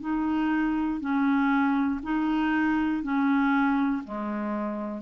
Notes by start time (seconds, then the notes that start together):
0.00 D#4
1.00 C#4
2.02 D#4
3.02 C#4
4.04 G#3